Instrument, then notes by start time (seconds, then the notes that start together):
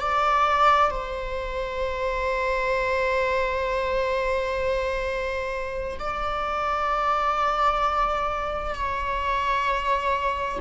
viola
0.00 D5
0.91 C5
5.99 D5
8.74 C#5